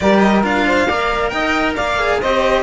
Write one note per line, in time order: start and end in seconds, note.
0.00 0.43 G3
0.00 0.43 G4
0.00 0.66 A#4
0.00 0.19 D5
0.19 0.42 D#5
0.43 0.87 D4
0.43 0.87 F4
0.43 1.29 F5
0.66 0.87 C5
0.87 1.32 A#3
0.87 1.99 A#4
0.87 1.31 D5
1.29 1.76 D#4
1.29 1.75 D#5
1.29 1.73 G5
1.75 2.22 A#3
1.75 2.19 D5
1.75 2.20 F5
1.99 2.21 G#4
2.20 2.62 C4
2.20 2.62 G4
2.20 2.62 C5
2.20 2.62 D#5